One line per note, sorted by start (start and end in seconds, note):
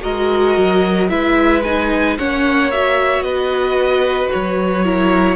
0.00 0.57 G#3
0.00 1.07 F#4
0.00 1.10 A#4
0.00 1.09 D#5
0.57 1.10 F#3
1.09 2.18 G#3
1.09 1.62 E4
1.09 2.17 B4
1.09 1.63 E5
1.63 2.18 D#4
1.63 2.17 G#5
2.17 3.20 A#3
2.17 2.72 C#4
2.17 3.24 C#5
2.17 2.71 F#5
2.71 4.84 F#4
2.71 3.22 E5
3.20 4.27 B3
3.20 4.85 B4
3.20 4.29 D#5
4.31 5.35 F#3
4.31 5.35 C#5
4.84 5.35 E4
4.84 5.35 A#4